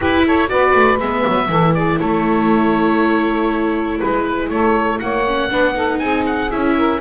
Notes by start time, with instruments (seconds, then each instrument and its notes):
0.00 viola E4, double bass E4, saxophone G4, oboe B4
0.26 saxophone A4, oboe C#5
0.47 double bass B3, viola F#4, saxophone B4, oboe D5
0.74 double bass A3
0.99 double bass G#3, viola B3, oboe E5
1.27 double bass F#3
1.48 double bass E3, viola E4, saxophone A4
1.74 saxophone G#4, oboe D5
1.97 double bass A3, saxophone A4, oboe C#5
3.99 double bass G#3, oboe B4, saxophone B4
4.49 double bass A3, saxophone A4, oboe C#5
4.99 double bass A#3, saxophone C#5, oboe F#5
5.26 viola C#4
5.50 double bass B3, viola D4, saxophone B4
5.74 viola D#4, saxophone A4
5.98 double bass C4, saxophone G#4, oboe G#5
6.25 oboe F#5
6.50 double bass C#4, viola E4, oboe E5
6.76 saxophone A#4